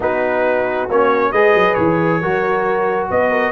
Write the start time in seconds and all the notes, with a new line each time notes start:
0.00 B3 D#4 F#4 B4
0.88 A#3 C#4 C#5
1.31 G#3 G#4 B4 D#5
1.54 F#3
1.74 E3 C#5
2.21 F#3 F#4 A#4
3.10 B3 B4 D#5
3.30 A#4